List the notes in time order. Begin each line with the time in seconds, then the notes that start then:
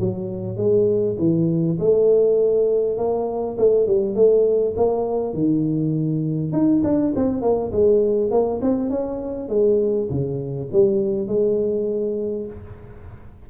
0.00 F#3
0.57 G#3
1.19 E3
1.80 A3
2.98 A#3
3.58 A3
3.87 G3
4.16 A3
4.77 A#3
5.34 D#3
6.53 D#4
6.84 D4
7.16 C4
7.42 A#3
7.73 G#3
8.31 A#3
8.62 C4
8.91 C#4
9.49 G#3
10.11 C#3
10.73 G3
11.28 G#3